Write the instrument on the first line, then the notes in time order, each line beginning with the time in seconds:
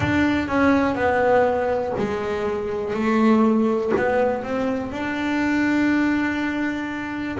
double bass
0.00 D4
0.48 C#4
0.95 B3
1.98 G#3
2.93 A3
3.96 B3
4.43 C4
4.91 D4